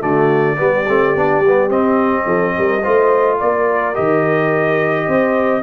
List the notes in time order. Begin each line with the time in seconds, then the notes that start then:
0.00 D3 A3 F#4 D5
0.56 G3 B3 G4
0.88 A3 C4
1.15 B3 D4
1.40 G3
1.47 B3
1.69 C4 D#5
2.25 F3 A4
2.58 G3 A#4
2.80 A3 F4 C5
3.39 A#3 A#4 D5
3.94 D#3 G4 D#5
5.06 C4 C5